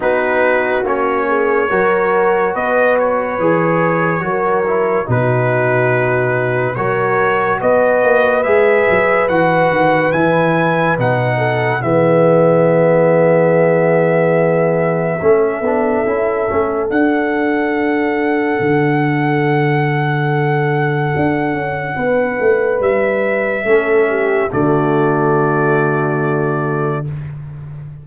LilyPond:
<<
  \new Staff \with { instrumentName = "trumpet" } { \time 4/4 \tempo 4 = 71 b'4 cis''2 dis''8 cis''8~ | cis''2 b'2 | cis''4 dis''4 e''4 fis''4 | gis''4 fis''4 e''2~ |
e''1 | fis''1~ | fis''2. e''4~ | e''4 d''2. | }
  \new Staff \with { instrumentName = "horn" } { \time 4/4 fis'4. gis'8 ais'4 b'4~ | b'4 ais'4 fis'2 | ais'4 b'2.~ | b'4. a'8 gis'2~ |
gis'2 a'2~ | a'1~ | a'2 b'2 | a'8 g'8 fis'2. | }
  \new Staff \with { instrumentName = "trombone" } { \time 4/4 dis'4 cis'4 fis'2 | gis'4 fis'8 e'8 dis'2 | fis'2 gis'4 fis'4 | e'4 dis'4 b2~ |
b2 cis'8 d'8 e'8 cis'8 | d'1~ | d'1 | cis'4 a2. | }
  \new Staff \with { instrumentName = "tuba" } { \time 4/4 b4 ais4 fis4 b4 | e4 fis4 b,2 | fis4 b8 ais8 gis8 fis8 e8 dis8 | e4 b,4 e2~ |
e2 a8 b8 cis'8 a8 | d'2 d2~ | d4 d'8 cis'8 b8 a8 g4 | a4 d2. | }
>>